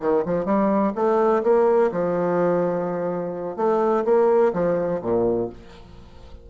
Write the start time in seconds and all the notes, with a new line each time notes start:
0.00 D#3
0.25 F3
0.45 G3
0.95 A3
1.43 A#3
1.92 F3
3.56 A3
4.05 A#3
4.53 F3
5.01 A#2